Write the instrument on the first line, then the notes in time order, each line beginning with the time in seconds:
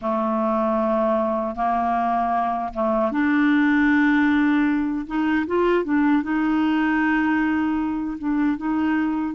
clarinet
0.01 A3
1.55 A#3
2.73 A3
3.11 D4
5.06 D#4
5.46 F4
5.84 D4
6.22 D#4
8.18 D4
8.57 D#4